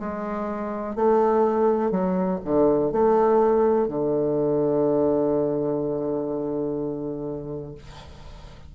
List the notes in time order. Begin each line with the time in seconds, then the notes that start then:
0.00 G#3
0.96 A3
1.91 F#3
2.45 D3
2.92 A3
3.88 D3